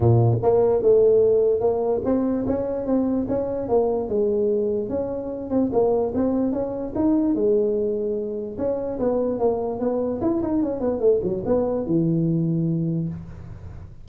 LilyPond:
\new Staff \with { instrumentName = "tuba" } { \time 4/4 \tempo 4 = 147 ais,4 ais4 a2 | ais4 c'4 cis'4 c'4 | cis'4 ais4 gis2 | cis'4. c'8 ais4 c'4 |
cis'4 dis'4 gis2~ | gis4 cis'4 b4 ais4 | b4 e'8 dis'8 cis'8 b8 a8 fis8 | b4 e2. | }